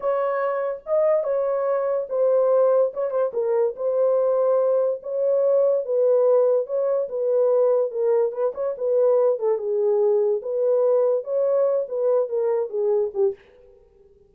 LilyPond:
\new Staff \with { instrumentName = "horn" } { \time 4/4 \tempo 4 = 144 cis''2 dis''4 cis''4~ | cis''4 c''2 cis''8 c''8 | ais'4 c''2. | cis''2 b'2 |
cis''4 b'2 ais'4 | b'8 cis''8 b'4. a'8 gis'4~ | gis'4 b'2 cis''4~ | cis''8 b'4 ais'4 gis'4 g'8 | }